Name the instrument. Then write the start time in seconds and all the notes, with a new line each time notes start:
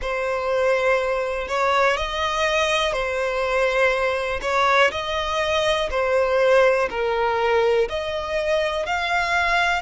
violin
0.01 C5
1.48 C#5
1.97 D#5
2.92 C5
4.41 C#5
4.91 D#5
5.90 C5
6.89 A#4
7.89 D#5
8.86 F5